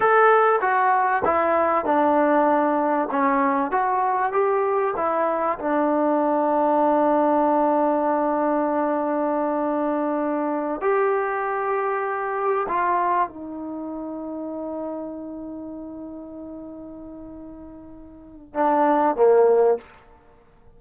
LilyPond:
\new Staff \with { instrumentName = "trombone" } { \time 4/4 \tempo 4 = 97 a'4 fis'4 e'4 d'4~ | d'4 cis'4 fis'4 g'4 | e'4 d'2.~ | d'1~ |
d'4. g'2~ g'8~ | g'8 f'4 dis'2~ dis'8~ | dis'1~ | dis'2 d'4 ais4 | }